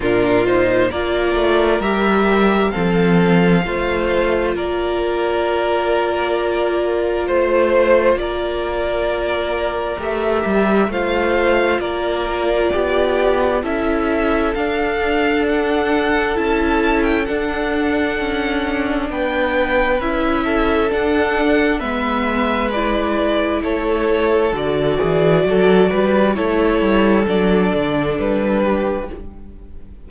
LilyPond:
<<
  \new Staff \with { instrumentName = "violin" } { \time 4/4 \tempo 4 = 66 ais'8 c''8 d''4 e''4 f''4~ | f''4 d''2. | c''4 d''2 e''4 | f''4 d''2 e''4 |
f''4 fis''4 a''8. g''16 fis''4~ | fis''4 g''4 e''4 fis''4 | e''4 d''4 cis''4 d''4~ | d''4 cis''4 d''4 b'4 | }
  \new Staff \with { instrumentName = "violin" } { \time 4/4 f'4 ais'2 a'4 | c''4 ais'2. | c''4 ais'2. | c''4 ais'4 g'4 a'4~ |
a'1~ | a'4 b'4. a'4. | b'2 a'4. gis'8 | a'8 b'8 a'2~ a'8 g'8 | }
  \new Staff \with { instrumentName = "viola" } { \time 4/4 d'8 dis'8 f'4 g'4 c'4 | f'1~ | f'2. g'4 | f'2. e'4 |
d'2 e'4 d'4~ | d'2 e'4 d'4 | b4 e'2 fis'4~ | fis'4 e'4 d'2 | }
  \new Staff \with { instrumentName = "cello" } { \time 4/4 ais,4 ais8 a8 g4 f4 | a4 ais2. | a4 ais2 a8 g8 | a4 ais4 b4 cis'4 |
d'2 cis'4 d'4 | cis'4 b4 cis'4 d'4 | gis2 a4 d8 e8 | fis8 g8 a8 g8 fis8 d8 g4 | }
>>